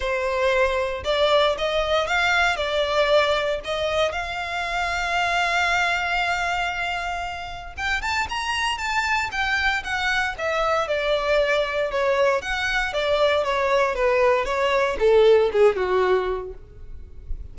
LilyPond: \new Staff \with { instrumentName = "violin" } { \time 4/4 \tempo 4 = 116 c''2 d''4 dis''4 | f''4 d''2 dis''4 | f''1~ | f''2. g''8 a''8 |
ais''4 a''4 g''4 fis''4 | e''4 d''2 cis''4 | fis''4 d''4 cis''4 b'4 | cis''4 a'4 gis'8 fis'4. | }